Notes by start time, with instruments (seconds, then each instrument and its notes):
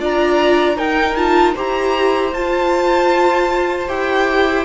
0.00 cello D4, viola F4, violin D5 A#5
0.77 viola D#4, cello D#4, violin A#4 G5
1.16 viola F4, violin A5
1.55 cello E4, viola G4, violin C5 A#5
2.33 cello F4, viola F4, violin A5
3.88 cello E4, viola G4, violin G5